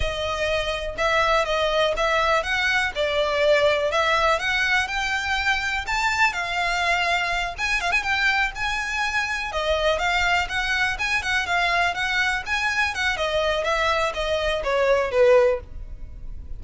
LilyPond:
\new Staff \with { instrumentName = "violin" } { \time 4/4 \tempo 4 = 123 dis''2 e''4 dis''4 | e''4 fis''4 d''2 | e''4 fis''4 g''2 | a''4 f''2~ f''8 gis''8 |
f''16 gis''16 g''4 gis''2 dis''8~ | dis''8 f''4 fis''4 gis''8 fis''8 f''8~ | f''8 fis''4 gis''4 fis''8 dis''4 | e''4 dis''4 cis''4 b'4 | }